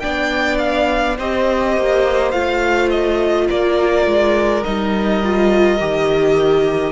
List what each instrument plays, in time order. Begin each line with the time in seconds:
0.00 cello B3, viola D4, violin D5 G5
0.58 violin F5
1.17 cello C4, viola G4, violin C5 D#5
1.77 cello A#3
2.31 cello A3, viola F4, violin F5
2.90 violin D#5
3.47 cello A#3, violin A#4 D5
4.06 cello G#3
4.63 cello G3, viola D#4, violin D#5
5.23 viola F4
5.79 cello D#3, viola G4